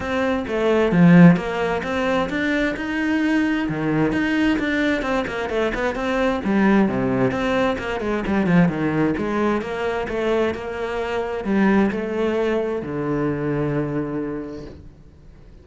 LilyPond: \new Staff \with { instrumentName = "cello" } { \time 4/4 \tempo 4 = 131 c'4 a4 f4 ais4 | c'4 d'4 dis'2 | dis4 dis'4 d'4 c'8 ais8 | a8 b8 c'4 g4 c4 |
c'4 ais8 gis8 g8 f8 dis4 | gis4 ais4 a4 ais4~ | ais4 g4 a2 | d1 | }